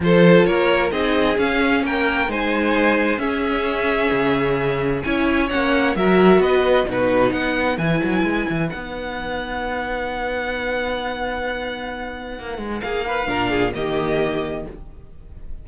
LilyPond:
<<
  \new Staff \with { instrumentName = "violin" } { \time 4/4 \tempo 4 = 131 c''4 cis''4 dis''4 f''4 | g''4 gis''2 e''4~ | e''2. gis''4 | fis''4 e''4 dis''4 b'4 |
fis''4 gis''2 fis''4~ | fis''1~ | fis''1 | f''2 dis''2 | }
  \new Staff \with { instrumentName = "violin" } { \time 4/4 a'4 ais'4 gis'2 | ais'4 c''2 gis'4~ | gis'2. cis''4~ | cis''4 ais'4 b'4 fis'4 |
b'1~ | b'1~ | b'1 | gis'8 b'8 ais'8 gis'8 g'2 | }
  \new Staff \with { instrumentName = "viola" } { \time 4/4 f'2 dis'4 cis'4~ | cis'4 dis'2 cis'4~ | cis'2. e'4 | cis'4 fis'2 dis'4~ |
dis'4 e'2 dis'4~ | dis'1~ | dis'1~ | dis'4 d'4 ais2 | }
  \new Staff \with { instrumentName = "cello" } { \time 4/4 f4 ais4 c'4 cis'4 | ais4 gis2 cis'4~ | cis'4 cis2 cis'4 | ais4 fis4 b4 b,4 |
b4 e8 fis8 gis8 e8 b4~ | b1~ | b2. ais8 gis8 | ais4 ais,4 dis2 | }
>>